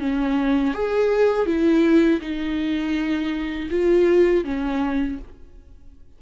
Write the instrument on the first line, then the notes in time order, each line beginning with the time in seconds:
viola
0.00 C#4
0.74 G#4
1.46 E4
2.21 D#4
3.70 F4
4.44 C#4